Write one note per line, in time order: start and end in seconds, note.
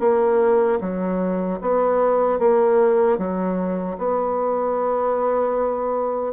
0.00 0.79 A#3
0.81 1.60 F#3
1.61 2.39 B3
2.39 3.18 A#3
3.18 3.97 F#3
3.98 6.33 B3